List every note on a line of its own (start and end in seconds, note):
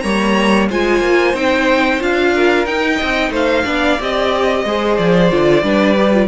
0.00 0.70 G3
0.00 0.70 A#3
0.00 0.69 C#5
0.00 0.66 A#5
0.69 1.01 G#3
0.69 1.34 F4
0.69 2.34 C5
0.69 1.36 G#5
1.01 1.34 A#3
1.34 2.00 C4
1.34 2.00 D#4
1.34 2.02 G5
2.00 2.66 D4
2.00 2.66 F4
2.00 2.66 F5
2.35 2.97 A#4
2.66 2.99 D#4
2.66 3.65 D#4
2.66 3.32 G5
2.97 3.30 D#5
3.03 3.30 C4
3.30 3.63 A3
3.30 3.64 C5
3.30 4.02 F5
3.64 3.99 B3
3.64 3.98 D4
3.64 4.63 D5
4.00 4.65 C4
4.00 4.66 G4
4.00 4.97 D#5
4.65 4.98 G#3
4.65 5.30 G#4
4.65 5.64 C5
4.97 5.31 F3
4.97 6.28 D5
5.30 5.63 D3
5.30 5.63 F4
5.63 6.28 G3
5.63 5.96 D4
5.63 6.28 B4
5.98 6.13 G4
6.13 6.28 F4